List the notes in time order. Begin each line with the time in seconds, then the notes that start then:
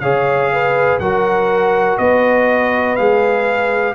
0.00 C#3 G#4 C#5 F5
0.52 B4
0.99 F#3 F#4 A#4 F#5
1.98 B3 B4 D#5
2.95 G#3 G#4 F5